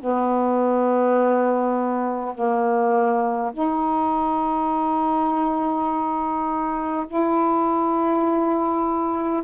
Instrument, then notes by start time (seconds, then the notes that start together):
saxophone
0.00 B3
2.34 A#3
3.52 D#4
7.07 E4